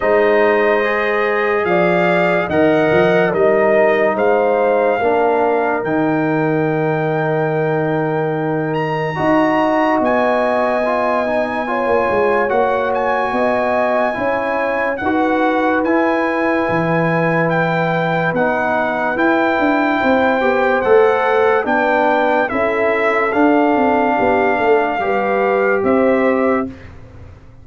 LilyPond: <<
  \new Staff \with { instrumentName = "trumpet" } { \time 4/4 \tempo 4 = 72 dis''2 f''4 fis''4 | dis''4 f''2 g''4~ | g''2~ g''8 ais''4. | gis''2. fis''8 gis''8~ |
gis''2 fis''4 gis''4~ | gis''4 g''4 fis''4 g''4~ | g''4 fis''4 g''4 e''4 | f''2. e''4 | }
  \new Staff \with { instrumentName = "horn" } { \time 4/4 c''2 d''4 dis''4 | ais'4 c''4 ais'2~ | ais'2. dis''4~ | dis''2 cis''2 |
dis''4 cis''4 b'2~ | b'1 | c''2 b'4 a'4~ | a'4 g'8 a'8 b'4 c''4 | }
  \new Staff \with { instrumentName = "trombone" } { \time 4/4 dis'4 gis'2 ais'4 | dis'2 d'4 dis'4~ | dis'2. fis'4~ | fis'4 f'8 dis'8 f'4 fis'4~ |
fis'4 e'4 fis'4 e'4~ | e'2 dis'4 e'4~ | e'8 g'8 a'4 d'4 e'4 | d'2 g'2 | }
  \new Staff \with { instrumentName = "tuba" } { \time 4/4 gis2 f4 dis8 f8 | g4 gis4 ais4 dis4~ | dis2. dis'4 | b2~ b16 ais16 gis8 ais4 |
b4 cis'4 dis'4 e'4 | e2 b4 e'8 d'8 | c'8 b8 a4 b4 cis'4 | d'8 c'8 b8 a8 g4 c'4 | }
>>